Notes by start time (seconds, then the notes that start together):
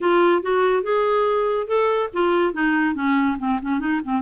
0.00 F4
0.42 F#4
0.82 G#4
1.67 A4
2.13 F4
2.53 D#4
2.94 C#4
3.39 C4
3.61 C#4
3.79 D#4
4.04 C4